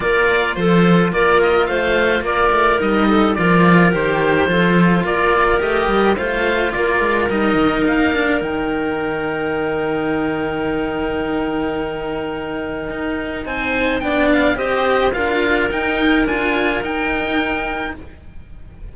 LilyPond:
<<
  \new Staff \with { instrumentName = "oboe" } { \time 4/4 \tempo 4 = 107 d''4 c''4 d''8 dis''8 f''4 | d''4 dis''4 d''4 c''4~ | c''4 d''4 dis''4 f''4 | d''4 dis''4 f''4 g''4~ |
g''1~ | g''1 | gis''4 g''8 f''8 dis''4 f''4 | g''4 gis''4 g''2 | }
  \new Staff \with { instrumentName = "clarinet" } { \time 4/4 ais'4 a'4 ais'4 c''4 | ais'4. a'8 ais'2 | a'4 ais'2 c''4 | ais'1~ |
ais'1~ | ais'1 | c''4 d''4 c''4 ais'4~ | ais'1 | }
  \new Staff \with { instrumentName = "cello" } { \time 4/4 f'1~ | f'4 dis'4 f'4 g'4 | f'2 g'4 f'4~ | f'4 dis'4. d'8 dis'4~ |
dis'1~ | dis'1~ | dis'4 d'4 g'4 f'4 | dis'4 f'4 dis'2 | }
  \new Staff \with { instrumentName = "cello" } { \time 4/4 ais4 f4 ais4 a4 | ais8 a8 g4 f4 dis4 | f4 ais4 a8 g8 a4 | ais8 gis8 g8 dis8 ais4 dis4~ |
dis1~ | dis2. dis'4 | c'4 b4 c'4 d'4 | dis'4 d'4 dis'2 | }
>>